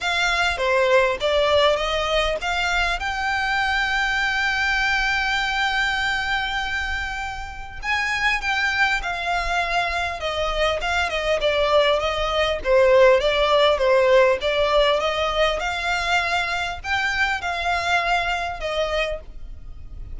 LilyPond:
\new Staff \with { instrumentName = "violin" } { \time 4/4 \tempo 4 = 100 f''4 c''4 d''4 dis''4 | f''4 g''2.~ | g''1~ | g''4 gis''4 g''4 f''4~ |
f''4 dis''4 f''8 dis''8 d''4 | dis''4 c''4 d''4 c''4 | d''4 dis''4 f''2 | g''4 f''2 dis''4 | }